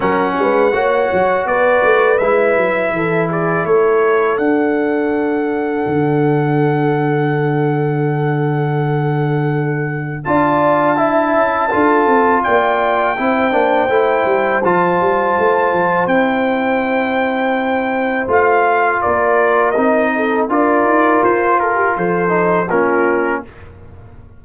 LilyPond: <<
  \new Staff \with { instrumentName = "trumpet" } { \time 4/4 \tempo 4 = 82 fis''2 d''4 e''4~ | e''8 d''8 cis''4 fis''2~ | fis''1~ | fis''2 a''2~ |
a''4 g''2. | a''2 g''2~ | g''4 f''4 d''4 dis''4 | d''4 c''8 ais'8 c''4 ais'4 | }
  \new Staff \with { instrumentName = "horn" } { \time 4/4 ais'8 b'8 cis''4 b'2 | a'8 gis'8 a'2.~ | a'1~ | a'2 d''4 e''4 |
a'4 d''4 c''2~ | c''1~ | c''2 ais'4. a'8 | ais'4. a'16 g'16 a'4 f'4 | }
  \new Staff \with { instrumentName = "trombone" } { \time 4/4 cis'4 fis'2 e'4~ | e'2 d'2~ | d'1~ | d'2 f'4 e'4 |
f'2 e'8 d'8 e'4 | f'2 e'2~ | e'4 f'2 dis'4 | f'2~ f'8 dis'8 cis'4 | }
  \new Staff \with { instrumentName = "tuba" } { \time 4/4 fis8 gis8 ais8 fis8 b8 a8 gis8 fis8 | e4 a4 d'2 | d1~ | d2 d'4. cis'8 |
d'8 c'8 ais4 c'8 ais8 a8 g8 | f8 g8 a8 f8 c'2~ | c'4 a4 ais4 c'4 | d'8 dis'8 f'4 f4 ais4 | }
>>